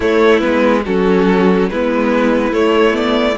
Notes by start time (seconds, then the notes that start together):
0.00 A3 E4 C#5
0.39 G#3 B3 B4
0.85 F#3 C#4 F#4 A4
1.69 G#3 B3 E4 B4
2.51 A3 C#5
2.91 B3 D5